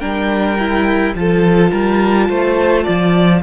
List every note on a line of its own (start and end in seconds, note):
0.00 1.14 G3
0.00 0.57 D4
0.00 1.14 A#4
0.00 1.13 G5
0.59 1.15 E4
1.14 1.71 F3
1.14 3.42 F4
1.14 1.71 A4
1.14 3.42 A5
1.71 2.29 G3
1.71 2.28 A#4
2.28 2.86 A3
2.28 2.83 C5
2.83 3.42 F3
2.83 3.40 D5